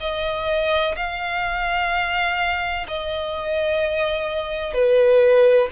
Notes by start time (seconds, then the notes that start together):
0.00 D#5
0.96 F5
2.88 D#5
4.74 B4